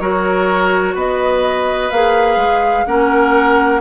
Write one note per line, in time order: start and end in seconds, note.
0.00 0.95 F#3
0.00 1.91 F#4
0.00 0.95 A#4
0.00 0.95 C#5
0.95 1.91 B3
0.95 2.86 B4
0.95 1.91 D#5
1.91 2.37 A#3
1.91 2.87 G#4
1.91 2.86 F5
2.37 2.84 G#3
2.86 3.82 A#3
2.86 3.82 C#4
2.86 3.82 A#4
2.86 3.82 F#5